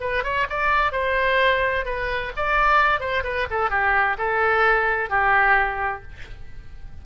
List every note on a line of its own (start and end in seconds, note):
0.00 0.23 B4
0.23 0.47 C#5
0.49 0.92 D5
0.92 1.85 C5
1.85 2.32 B4
2.36 3.00 D5
3.00 3.23 C5
3.23 3.47 B4
3.50 3.70 A4
3.70 4.16 G4
4.18 5.09 A4
5.09 6.02 G4